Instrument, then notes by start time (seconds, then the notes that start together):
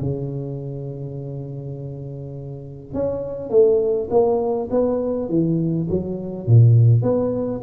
tuba
0.00 C#3
2.94 C#4
3.49 A3
4.10 A#3
4.70 B3
5.29 E3
5.89 F#3
6.47 A#2
7.02 B3